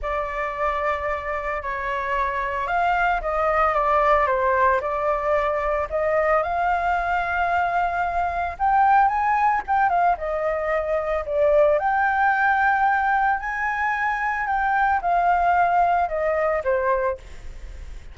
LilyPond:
\new Staff \with { instrumentName = "flute" } { \time 4/4 \tempo 4 = 112 d''2. cis''4~ | cis''4 f''4 dis''4 d''4 | c''4 d''2 dis''4 | f''1 |
g''4 gis''4 g''8 f''8 dis''4~ | dis''4 d''4 g''2~ | g''4 gis''2 g''4 | f''2 dis''4 c''4 | }